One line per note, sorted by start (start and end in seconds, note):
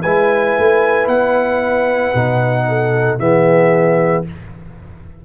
0.00 0.56 G#3
0.00 2.63 B4
0.00 1.07 G#5
0.06 2.15 E4
0.58 1.07 A3
1.07 2.12 B3
1.07 3.19 F#5
2.14 3.19 B2
2.14 3.19 D#4
2.68 3.20 A4
3.19 4.24 E3
3.19 4.24 B3
3.19 4.25 G#4
3.19 4.25 E5